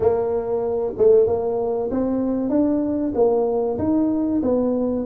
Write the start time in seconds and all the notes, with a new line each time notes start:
0.00 A#3
0.97 A3
1.27 A#3
1.90 C4
2.49 D4
3.14 A#3
3.78 D#4
4.42 B3